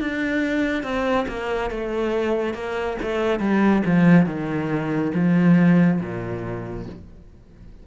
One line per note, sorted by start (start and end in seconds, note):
0.00 0.83 D4
0.83 1.26 C4
1.28 1.71 A#3
1.71 2.54 A3
2.54 2.97 A#3
3.02 3.40 A3
3.40 3.83 G3
3.86 4.26 F3
4.26 5.12 D#3
5.15 6.00 F3
6.01 6.86 A#2